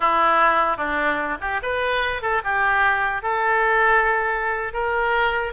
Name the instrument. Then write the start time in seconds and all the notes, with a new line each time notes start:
oboe
0.00 E4
0.77 D4
1.40 G4
1.62 B4
2.21 A4
2.44 G4
3.22 A4
4.73 A#4